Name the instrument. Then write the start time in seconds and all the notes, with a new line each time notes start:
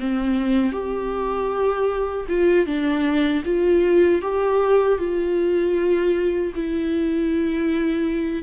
viola
0.00 C4
0.72 G4
2.29 F4
2.66 D4
3.45 F4
4.22 G4
4.99 F4
6.55 E4